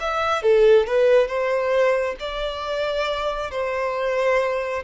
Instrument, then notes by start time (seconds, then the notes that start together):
violin
0.00 E5
0.42 A4
0.87 B4
1.28 C5
2.19 D5
3.51 C5